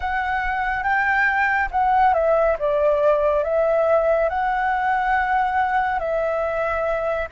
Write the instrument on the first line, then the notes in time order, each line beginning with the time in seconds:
flute
0.00 F#5
0.83 G5
1.71 F#5
2.14 E5
2.58 D5
3.43 E5
4.29 F#5
5.99 E5